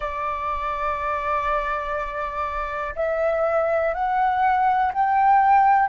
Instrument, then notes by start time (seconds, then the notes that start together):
flute
0.00 D5
2.95 E5
3.93 F#5
4.93 G5